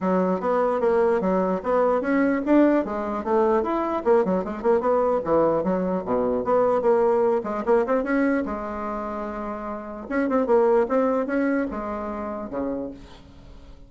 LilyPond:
\new Staff \with { instrumentName = "bassoon" } { \time 4/4 \tempo 4 = 149 fis4 b4 ais4 fis4 | b4 cis'4 d'4 gis4 | a4 e'4 ais8 fis8 gis8 ais8 | b4 e4 fis4 b,4 |
b4 ais4. gis8 ais8 c'8 | cis'4 gis2.~ | gis4 cis'8 c'8 ais4 c'4 | cis'4 gis2 cis4 | }